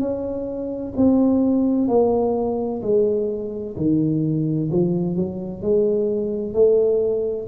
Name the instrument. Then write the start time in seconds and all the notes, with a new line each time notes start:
tuba
0.00 C#4
0.97 C4
1.88 A#3
2.83 G#3
3.77 D#3
4.72 F3
5.16 F#3
5.62 G#3
6.54 A3